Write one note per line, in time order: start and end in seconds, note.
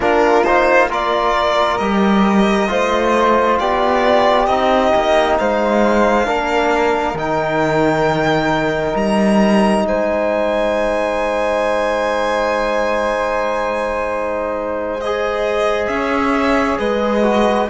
0.00 1.79 A#3
0.00 0.44 D4
0.00 0.89 F4
0.00 0.43 A#4
0.43 0.90 D#4
0.43 0.88 C5
0.89 1.79 F4
0.89 2.68 A#4
0.89 1.77 D5
1.77 2.68 G3
1.77 2.68 G4
1.77 3.56 D#5
2.68 3.59 A3
2.68 4.47 F4
2.68 3.60 C5
3.59 4.47 B3
3.59 5.39 G4
3.59 4.46 D5
4.46 4.91 C4
4.46 6.25 D#4
4.46 5.35 D#5
4.95 5.39 A#3
5.38 6.27 G#3
5.38 6.26 C5
5.38 7.17 F5
6.25 7.14 A#3
6.25 7.15 D4
6.25 9.84 A#4
7.14 8.93 D#3
7.14 15.00 D#4
7.14 8.96 G5
8.95 9.83 G3
8.95 9.85 A#5
9.83 15.87 G#3
9.83 15.91 C5
9.83 15.00 G#5
15.00 17.23 G#4
15.00 15.87 D#5
15.87 16.78 C#4
15.87 16.79 C#5
15.87 16.77 E5
16.78 17.68 G#3
16.78 17.68 B4
16.78 17.68 D#5
17.23 17.67 F#4